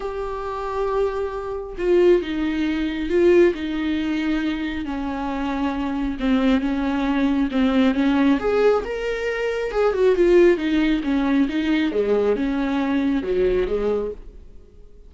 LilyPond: \new Staff \with { instrumentName = "viola" } { \time 4/4 \tempo 4 = 136 g'1 | f'4 dis'2 f'4 | dis'2. cis'4~ | cis'2 c'4 cis'4~ |
cis'4 c'4 cis'4 gis'4 | ais'2 gis'8 fis'8 f'4 | dis'4 cis'4 dis'4 gis4 | cis'2 fis4 gis4 | }